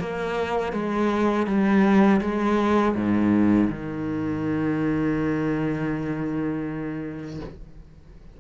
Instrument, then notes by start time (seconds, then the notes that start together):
cello
0.00 A#3
0.72 G#3
1.46 G3
2.21 G#3
2.95 G#2
3.70 D#3